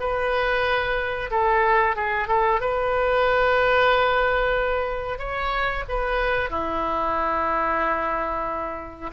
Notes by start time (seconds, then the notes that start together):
0.00 B4
1.31 A4
1.96 G#4
2.28 A4
2.61 B4
5.18 C#5
5.89 B4
6.50 E4